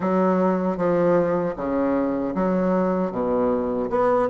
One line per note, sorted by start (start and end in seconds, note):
0.00 0.77 F#3
0.77 1.54 F3
1.56 2.34 C#3
2.34 3.11 F#3
3.11 3.89 B2
3.90 4.29 B3